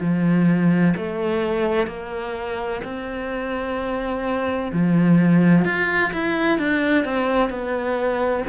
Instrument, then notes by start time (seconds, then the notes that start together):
cello
0.00 F3
0.96 A3
1.87 A#3
2.84 C4
4.73 F3
5.64 F4
6.13 E4
6.58 D4
7.04 C4
7.50 B3